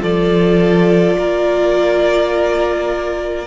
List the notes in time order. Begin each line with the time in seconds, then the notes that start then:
0.00 F3 F4 A4 D5
1.17 A#3 A#4